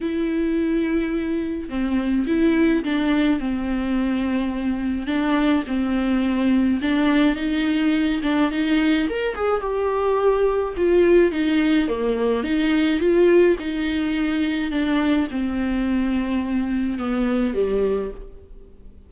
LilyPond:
\new Staff \with { instrumentName = "viola" } { \time 4/4 \tempo 4 = 106 e'2. c'4 | e'4 d'4 c'2~ | c'4 d'4 c'2 | d'4 dis'4. d'8 dis'4 |
ais'8 gis'8 g'2 f'4 | dis'4 ais4 dis'4 f'4 | dis'2 d'4 c'4~ | c'2 b4 g4 | }